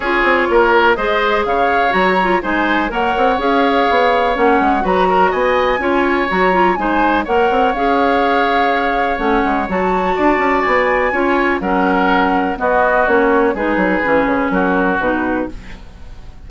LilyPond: <<
  \new Staff \with { instrumentName = "flute" } { \time 4/4 \tempo 4 = 124 cis''2 dis''4 f''4 | ais''4 gis''4 fis''4 f''4~ | f''4 fis''4 ais''4 gis''4~ | gis''4 ais''4 gis''4 fis''4 |
f''2. fis''4 | a''2 gis''2 | fis''2 dis''4 cis''4 | b'2 ais'4 b'4 | }
  \new Staff \with { instrumentName = "oboe" } { \time 4/4 gis'4 ais'4 c''4 cis''4~ | cis''4 c''4 cis''2~ | cis''2 b'8 ais'8 dis''4 | cis''2 c''4 cis''4~ |
cis''1~ | cis''4 d''2 cis''4 | ais'2 fis'2 | gis'2 fis'2 | }
  \new Staff \with { instrumentName = "clarinet" } { \time 4/4 f'2 gis'2 | fis'8 f'8 dis'4 ais'4 gis'4~ | gis'4 cis'4 fis'2 | f'4 fis'8 f'8 dis'4 ais'4 |
gis'2. cis'4 | fis'2. f'4 | cis'2 b4 cis'4 | dis'4 cis'2 dis'4 | }
  \new Staff \with { instrumentName = "bassoon" } { \time 4/4 cis'8 c'8 ais4 gis4 cis4 | fis4 gis4 ais8 c'8 cis'4 | b4 ais8 gis8 fis4 b4 | cis'4 fis4 gis4 ais8 c'8 |
cis'2. a8 gis8 | fis4 d'8 cis'8 b4 cis'4 | fis2 b4 ais4 | gis8 fis8 e8 cis8 fis4 b,4 | }
>>